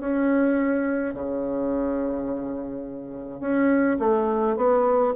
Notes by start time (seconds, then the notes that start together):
0.00 C#4
1.14 C#3
3.41 C#4
3.99 A3
4.57 B3